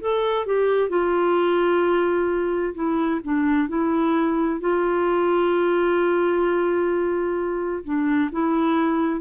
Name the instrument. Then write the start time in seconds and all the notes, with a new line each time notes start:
clarinet
0.00 A4
0.46 G4
0.89 F4
2.74 E4
3.24 D4
3.68 E4
4.60 F4
7.84 D4
8.32 E4